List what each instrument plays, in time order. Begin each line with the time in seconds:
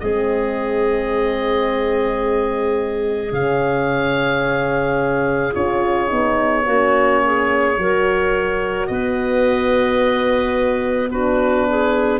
0.00 tuba G#3, horn C4, clarinet G#4, oboe D#5
3.31 tuba C#3, horn C#4, oboe F5
5.51 tuba C#4, horn F4, oboe C#5
6.07 tuba B3, horn D#4
6.66 tuba A#3, horn C#4, clarinet F#4
7.24 clarinet G#4
7.77 tuba F#3, horn F#4, clarinet A#4
8.86 tuba B3, clarinet B4, oboe D#5
11.10 horn D4, clarinet F#4, oboe B4
11.68 clarinet G#4